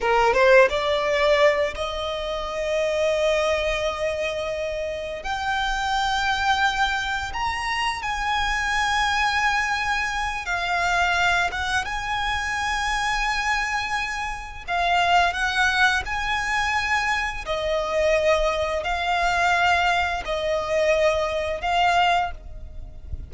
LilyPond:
\new Staff \with { instrumentName = "violin" } { \time 4/4 \tempo 4 = 86 ais'8 c''8 d''4. dis''4.~ | dis''2.~ dis''8 g''8~ | g''2~ g''8 ais''4 gis''8~ | gis''2. f''4~ |
f''8 fis''8 gis''2.~ | gis''4 f''4 fis''4 gis''4~ | gis''4 dis''2 f''4~ | f''4 dis''2 f''4 | }